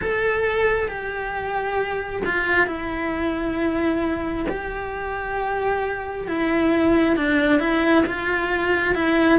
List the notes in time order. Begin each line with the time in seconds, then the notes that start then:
0.01 A4
0.88 G4
2.25 F4
2.66 E4
4.48 G4
6.27 E4
7.16 D4
7.59 E4
8.06 F4
8.94 E4